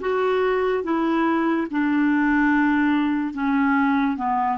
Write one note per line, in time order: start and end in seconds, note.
0.00 0.83 F#4
0.83 1.67 E4
1.70 3.33 D4
3.33 4.17 C#4
4.17 4.58 B3